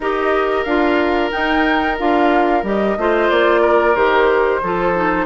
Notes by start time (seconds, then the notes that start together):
0.00 D#4 G4 A#4 D#5
0.63 D4 F4 F5
1.31 D#4 G5
1.98 D4 F4 F5
2.63 G3 G4 D#5
2.97 A3 F4 C5
3.30 A#3 D5
3.61 A#4
3.95 D#3 G4 C5
4.62 F3 F4 A4
4.94 D#4